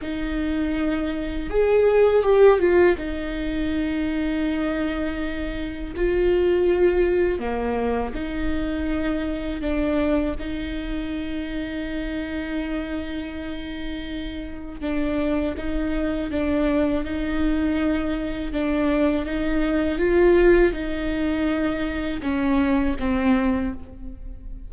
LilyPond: \new Staff \with { instrumentName = "viola" } { \time 4/4 \tempo 4 = 81 dis'2 gis'4 g'8 f'8 | dis'1 | f'2 ais4 dis'4~ | dis'4 d'4 dis'2~ |
dis'1 | d'4 dis'4 d'4 dis'4~ | dis'4 d'4 dis'4 f'4 | dis'2 cis'4 c'4 | }